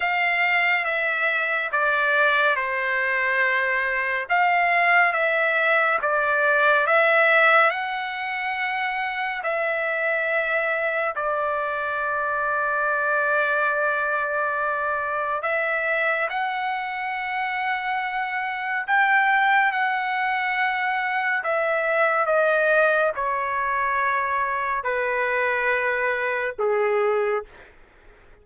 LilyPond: \new Staff \with { instrumentName = "trumpet" } { \time 4/4 \tempo 4 = 70 f''4 e''4 d''4 c''4~ | c''4 f''4 e''4 d''4 | e''4 fis''2 e''4~ | e''4 d''2.~ |
d''2 e''4 fis''4~ | fis''2 g''4 fis''4~ | fis''4 e''4 dis''4 cis''4~ | cis''4 b'2 gis'4 | }